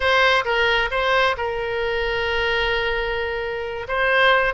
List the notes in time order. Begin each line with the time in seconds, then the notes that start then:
0.00 C5
0.44 A#4
0.90 C5
1.37 A#4
3.88 C5